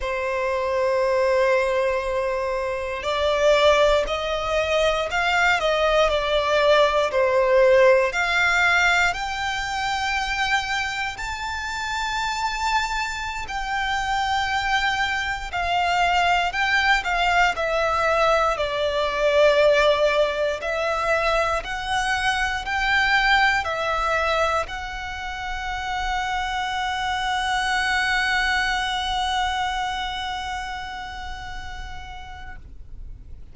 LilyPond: \new Staff \with { instrumentName = "violin" } { \time 4/4 \tempo 4 = 59 c''2. d''4 | dis''4 f''8 dis''8 d''4 c''4 | f''4 g''2 a''4~ | a''4~ a''16 g''2 f''8.~ |
f''16 g''8 f''8 e''4 d''4.~ d''16~ | d''16 e''4 fis''4 g''4 e''8.~ | e''16 fis''2.~ fis''8.~ | fis''1 | }